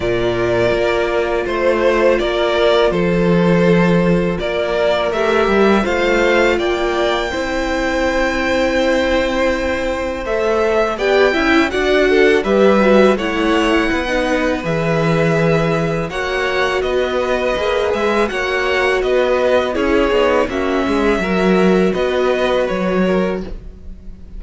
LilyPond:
<<
  \new Staff \with { instrumentName = "violin" } { \time 4/4 \tempo 4 = 82 d''2 c''4 d''4 | c''2 d''4 e''4 | f''4 g''2.~ | g''2 e''4 g''4 |
fis''4 e''4 fis''2 | e''2 fis''4 dis''4~ | dis''8 e''8 fis''4 dis''4 cis''4 | e''2 dis''4 cis''4 | }
  \new Staff \with { instrumentName = "violin" } { \time 4/4 ais'2 c''4 ais'4 | a'2 ais'2 | c''4 d''4 c''2~ | c''2. d''8 e''8 |
d''8 a'8 b'4 cis''4 b'4~ | b'2 cis''4 b'4~ | b'4 cis''4 b'4 gis'4 | fis'8 gis'8 ais'4 b'4. ais'8 | }
  \new Staff \with { instrumentName = "viola" } { \time 4/4 f'1~ | f'2. g'4 | f'2 e'2~ | e'2 a'4 g'8 e'8 |
fis'4 g'8 fis'8 e'4~ e'16 dis'8. | gis'2 fis'2 | gis'4 fis'2 e'8 dis'8 | cis'4 fis'2. | }
  \new Staff \with { instrumentName = "cello" } { \time 4/4 ais,4 ais4 a4 ais4 | f2 ais4 a8 g8 | a4 ais4 c'2~ | c'2 a4 b8 cis'8 |
d'4 g4 a4 b4 | e2 ais4 b4 | ais8 gis8 ais4 b4 cis'8 b8 | ais8 gis8 fis4 b4 fis4 | }
>>